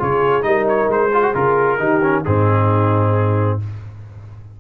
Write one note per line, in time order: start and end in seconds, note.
0.00 0.43 C#3
0.00 0.42 F4
0.00 0.46 G#4
0.00 0.43 C#5
0.42 0.88 G3
0.42 1.09 D#4
0.42 1.13 A#4
0.42 0.65 D#5
0.69 0.91 C#5
0.89 1.33 G#3
0.89 1.35 C5
1.13 1.23 F4
1.13 1.79 G#4
1.23 1.34 F#4
1.35 1.79 C#3
1.35 1.79 F4
1.35 2.24 A#4
1.79 2.24 D#3
1.79 2.02 D#4
1.79 2.24 G4
2.03 2.25 C#4
2.24 3.61 G#2
2.24 3.61 C4
2.24 3.58 D#4
2.24 3.59 G#4